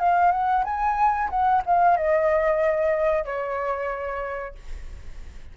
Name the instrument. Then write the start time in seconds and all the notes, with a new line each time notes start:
flute
0.00 F5
0.32 F#5
0.65 G#5
1.30 F#5
1.66 F5
1.97 D#5
3.25 C#5